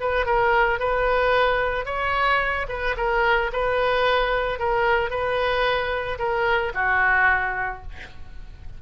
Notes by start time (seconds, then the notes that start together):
0.00 B4
0.26 A#4
0.79 B4
1.86 C#5
2.68 B4
2.97 A#4
3.53 B4
4.59 A#4
5.10 B4
6.19 A#4
6.74 F#4